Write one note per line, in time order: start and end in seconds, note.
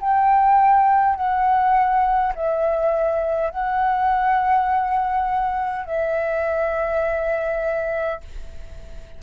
0.00 1.16 G5
1.16 2.33 F#5
2.35 3.50 E5
3.50 5.86 F#5
5.86 8.21 E5